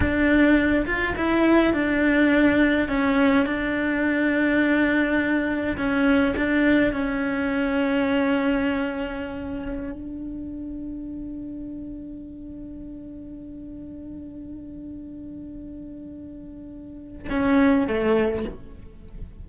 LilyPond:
\new Staff \with { instrumentName = "cello" } { \time 4/4 \tempo 4 = 104 d'4. f'8 e'4 d'4~ | d'4 cis'4 d'2~ | d'2 cis'4 d'4 | cis'1~ |
cis'4~ cis'16 d'2~ d'8.~ | d'1~ | d'1~ | d'2 cis'4 a4 | }